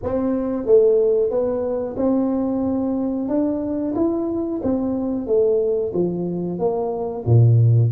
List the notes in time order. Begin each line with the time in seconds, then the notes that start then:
0.03 C4
0.66 A3
1.30 B3
1.96 C4
3.28 D4
3.95 E4
4.63 C4
5.27 A3
5.93 F3
6.58 A#3
7.25 A#2